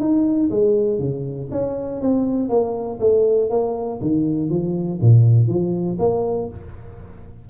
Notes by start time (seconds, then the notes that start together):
0.00 D#4
0.50 G#3
0.99 C#3
1.51 C#4
2.01 C4
2.49 A#3
3.00 A3
3.50 A#3
4.01 D#3
4.50 F3
5.01 A#2
5.48 F3
5.99 A#3